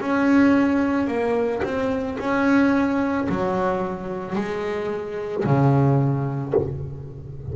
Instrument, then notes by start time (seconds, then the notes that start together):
double bass
0.00 C#4
1.07 A#3
1.63 C4
2.19 C#4
3.29 F#3
4.35 G#3
5.44 C#3